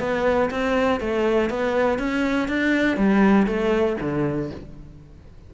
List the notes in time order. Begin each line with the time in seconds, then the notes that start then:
0.00 B3
0.51 C4
1.00 A3
1.50 B3
1.99 C#4
2.48 D4
2.97 G3
3.47 A3
4.01 D3